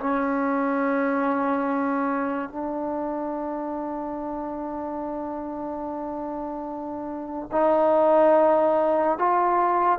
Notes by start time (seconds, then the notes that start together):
0.00 C#4
2.49 D4
7.52 D#4
9.18 F4